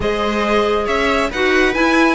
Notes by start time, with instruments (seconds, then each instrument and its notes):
0.00 cello G#3, clarinet G#4, viola C5, violin D#5
0.85 cello C#4, viola C#5, violin E5
1.30 cello D#4, clarinet F#4, viola B4, violin F#5
1.73 clarinet E4, cello E4, violin G#5